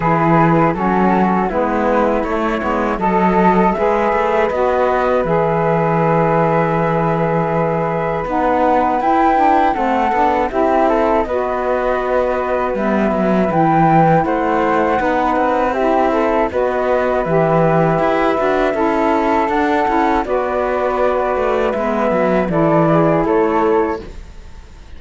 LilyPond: <<
  \new Staff \with { instrumentName = "flute" } { \time 4/4 \tempo 4 = 80 b'4 a'4 b'4 cis''4 | dis''4 e''4 dis''4 e''4~ | e''2. fis''4 | g''4 fis''4 e''4 dis''4~ |
dis''4 e''4 g''4 fis''4~ | fis''4 e''4 dis''4 e''4~ | e''2 fis''4 d''4~ | d''4 e''4 d''4 cis''4 | }
  \new Staff \with { instrumentName = "flute" } { \time 4/4 gis'4 fis'4 e'2 | a'4 b'2.~ | b'1~ | b'4 a'4 g'8 a'8 b'4~ |
b'2. c''4 | b'4 g'8 a'8 b'2~ | b'4 a'2 b'4~ | b'2 a'8 gis'8 a'4 | }
  \new Staff \with { instrumentName = "saxophone" } { \time 4/4 e'4 cis'4 b4 a8 b8 | a'4 gis'4 fis'4 gis'4~ | gis'2. dis'4 | e'8 d'8 c'8 d'8 e'4 fis'4~ |
fis'4 b4 e'2 | dis'4 e'4 fis'4 g'4~ | g'8 fis'8 e'4 d'8 e'8 fis'4~ | fis'4 b4 e'2 | }
  \new Staff \with { instrumentName = "cello" } { \time 4/4 e4 fis4 gis4 a8 gis8 | fis4 gis8 a8 b4 e4~ | e2. b4 | e'4 a8 b8 c'4 b4~ |
b4 g8 fis8 e4 a4 | b8 c'4. b4 e4 | e'8 d'8 cis'4 d'8 cis'8 b4~ | b8 a8 gis8 fis8 e4 a4 | }
>>